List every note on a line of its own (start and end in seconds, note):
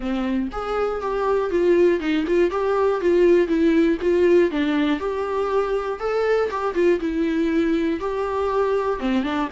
0.00 0.48 C4
0.52 1.01 G#4
1.01 1.50 G4
1.50 2.00 F4
2.00 2.25 D#4
2.27 2.50 F4
2.50 3.00 G4
3.00 3.47 F4
3.47 3.97 E4
4.01 4.50 F4
4.50 4.99 D4
4.99 5.99 G4
5.99 6.49 A4
6.50 6.74 G4
6.74 6.99 F4
7.00 8.00 E4
8.00 8.99 G4
8.99 9.23 C4
9.23 9.48 D4